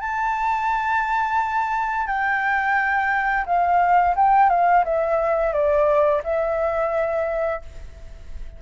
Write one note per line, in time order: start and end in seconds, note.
0.00 2.07 A5
2.07 3.45 G5
3.45 4.14 F5
4.15 4.49 G5
4.49 4.84 F5
4.84 5.53 E5
5.53 6.22 D5
6.24 7.61 E5